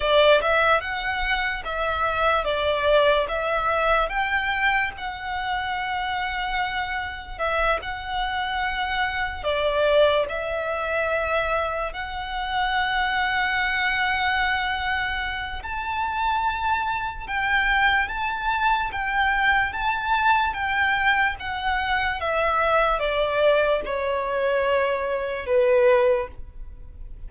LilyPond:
\new Staff \with { instrumentName = "violin" } { \time 4/4 \tempo 4 = 73 d''8 e''8 fis''4 e''4 d''4 | e''4 g''4 fis''2~ | fis''4 e''8 fis''2 d''8~ | d''8 e''2 fis''4.~ |
fis''2. a''4~ | a''4 g''4 a''4 g''4 | a''4 g''4 fis''4 e''4 | d''4 cis''2 b'4 | }